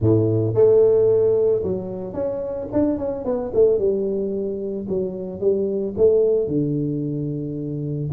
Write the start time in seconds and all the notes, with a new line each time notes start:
0.00 A2
0.54 A3
1.63 F#3
2.13 C#4
2.72 D4
2.98 C#4
3.24 B3
3.54 A3
3.78 G3
4.88 F#3
5.40 G3
5.97 A3
6.47 D3